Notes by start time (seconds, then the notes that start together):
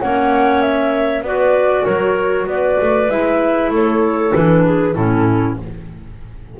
0.00 A#3 C#4 C#5 F#5
0.61 E5
1.21 B3 F#4 B4 D5
1.84 F#3 A#4 C#5
2.46 B3 B4 D5
2.81 A3
3.08 G#3 E4 E5
3.70 A3 A4 C#5
4.31 E3 D4 B4
4.65 G#4
4.94 A2 C#4 E4 A4